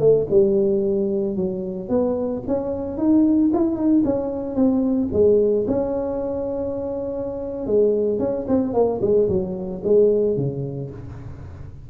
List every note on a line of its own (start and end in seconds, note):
0.00 0.27 A3
0.30 1.36 G3
1.36 1.89 F#3
1.89 2.43 B3
2.48 2.97 C#4
2.97 3.51 D#4
3.54 3.76 E4
3.76 4.03 D#4
4.05 4.55 C#4
4.55 5.09 C4
5.13 5.66 G#3
5.68 7.67 C#4
7.67 8.19 G#3
8.19 8.46 C#4
8.48 8.73 C4
8.73 9.00 A#3
9.02 9.28 G#3
9.28 9.82 F#3
9.84 10.37 G#3
10.37 10.90 C#3